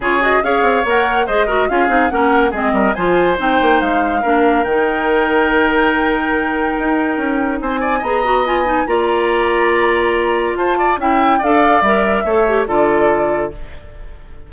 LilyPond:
<<
  \new Staff \with { instrumentName = "flute" } { \time 4/4 \tempo 4 = 142 cis''8 dis''8 f''4 fis''4 dis''4 | f''4 fis''4 dis''4 gis''4 | g''4 f''2 g''4~ | g''1~ |
g''2 gis''4 ais''4 | gis''4 ais''2.~ | ais''4 a''4 g''4 f''4 | e''2 d''2 | }
  \new Staff \with { instrumentName = "oboe" } { \time 4/4 gis'4 cis''2 c''8 ais'8 | gis'4 ais'4 gis'8 ais'8 c''4~ | c''2 ais'2~ | ais'1~ |
ais'2 c''8 d''8 dis''4~ | dis''4 d''2.~ | d''4 c''8 d''8 e''4 d''4~ | d''4 cis''4 a'2 | }
  \new Staff \with { instrumentName = "clarinet" } { \time 4/4 f'8 fis'8 gis'4 ais'4 gis'8 fis'8 | f'8 dis'8 cis'4 c'4 f'4 | dis'2 d'4 dis'4~ | dis'1~ |
dis'2. gis'8 fis'8 | f'8 dis'8 f'2.~ | f'2 e'4 a'4 | ais'4 a'8 g'8 f'2 | }
  \new Staff \with { instrumentName = "bassoon" } { \time 4/4 cis4 cis'8 c'8 ais4 gis4 | cis'8 c'8 ais4 gis8 g8 f4 | c'8 ais8 gis4 ais4 dis4~ | dis1 |
dis'4 cis'4 c'4 b4~ | b4 ais2.~ | ais4 f'4 cis'4 d'4 | g4 a4 d2 | }
>>